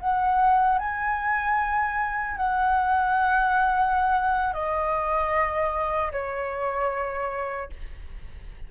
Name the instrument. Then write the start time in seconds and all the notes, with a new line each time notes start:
flute
0.00 F#5
0.79 G#5
2.37 F#5
4.54 D#5
6.12 C#5